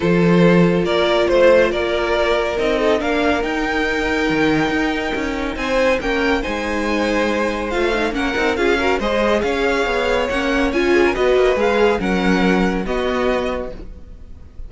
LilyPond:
<<
  \new Staff \with { instrumentName = "violin" } { \time 4/4 \tempo 4 = 140 c''2 d''4 c''4 | d''2 dis''4 f''4 | g''1~ | g''4 gis''4 g''4 gis''4~ |
gis''2 f''4 fis''4 | f''4 dis''4 f''2 | fis''4 gis''4 dis''4 f''4 | fis''2 dis''2 | }
  \new Staff \with { instrumentName = "violin" } { \time 4/4 a'2 ais'4 c''4 | ais'2~ ais'8 a'8 ais'4~ | ais'1~ | ais'4 c''4 ais'4 c''4~ |
c''2. ais'4 | gis'8 ais'8 c''4 cis''2~ | cis''4. gis'16 ais'16 b'2 | ais'2 fis'2 | }
  \new Staff \with { instrumentName = "viola" } { \time 4/4 f'1~ | f'2 dis'4 d'4 | dis'1~ | dis'2 cis'4 dis'4~ |
dis'2 f'8 dis'8 cis'8 dis'8 | f'8 fis'8 gis'2. | cis'4 f'4 fis'4 gis'4 | cis'2 b2 | }
  \new Staff \with { instrumentName = "cello" } { \time 4/4 f2 ais4 a4 | ais2 c'4 ais4 | dis'2 dis4 dis'4 | cis'4 c'4 ais4 gis4~ |
gis2 a4 ais8 c'8 | cis'4 gis4 cis'4 b4 | ais4 cis'4 b8 ais8 gis4 | fis2 b2 | }
>>